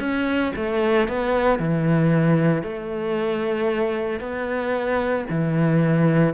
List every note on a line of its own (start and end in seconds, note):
0.00 0.53 C#4
0.56 1.09 A3
1.09 1.59 B3
1.59 2.63 E3
2.63 4.20 A3
4.20 5.25 B3
5.30 6.34 E3